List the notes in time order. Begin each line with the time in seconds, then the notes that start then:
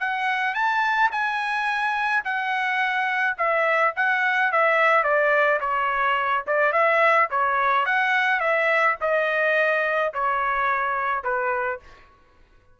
0.00 F#5
0.55 A5
1.12 G#5
2.24 F#5
3.38 E5
3.96 F#5
4.52 E5
5.04 D5
5.60 C#5
6.47 D5
6.72 E5
7.30 C#5
7.86 F#5
8.40 E5
9.01 D#5
10.13 C#5
11.24 B4